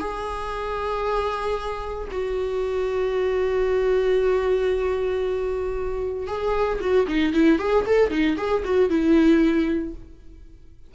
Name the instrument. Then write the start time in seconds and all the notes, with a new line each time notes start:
viola
0.00 G#4
2.12 F#4
6.28 G#4
6.81 F#4
7.08 D#4
7.33 E4
7.59 G#4
7.86 A4
8.11 D#4
8.37 G#4
8.64 F#4
8.90 E4